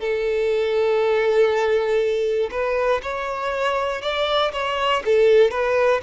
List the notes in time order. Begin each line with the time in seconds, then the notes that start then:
0.00 A4
2.51 B4
3.03 C#5
4.02 D5
4.53 C#5
5.05 A4
5.51 B4